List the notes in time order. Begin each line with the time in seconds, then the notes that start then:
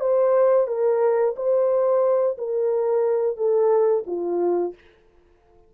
0.00 C5
0.67 A#4
1.36 C5
2.37 A#4
3.37 A4
4.07 F4